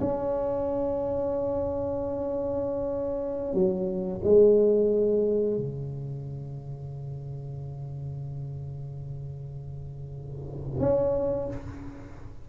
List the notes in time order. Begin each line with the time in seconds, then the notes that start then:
0.00 C#4
3.53 F#3
4.23 G#3
5.57 C#3
10.80 C#4